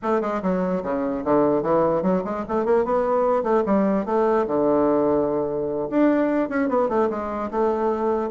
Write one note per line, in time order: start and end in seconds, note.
0.02 0.21 A3
0.21 0.41 G#3
0.42 0.82 F#3
0.83 1.23 C#3
1.24 1.62 D3
1.62 2.02 E3
2.02 2.22 F#3
2.24 2.44 G#3
2.48 2.65 A3
2.65 2.84 A#3
2.84 3.43 B3
3.43 3.63 A3
3.65 4.05 G3
4.05 4.46 A3
4.47 5.89 D3
5.89 6.49 D4
6.49 6.69 C#4
6.69 6.88 B3
6.88 7.09 A3
7.09 7.50 G#3
7.50 8.30 A3